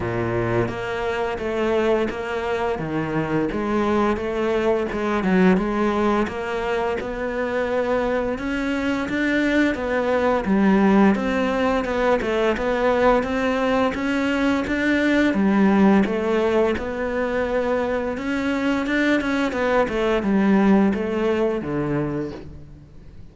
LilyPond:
\new Staff \with { instrumentName = "cello" } { \time 4/4 \tempo 4 = 86 ais,4 ais4 a4 ais4 | dis4 gis4 a4 gis8 fis8 | gis4 ais4 b2 | cis'4 d'4 b4 g4 |
c'4 b8 a8 b4 c'4 | cis'4 d'4 g4 a4 | b2 cis'4 d'8 cis'8 | b8 a8 g4 a4 d4 | }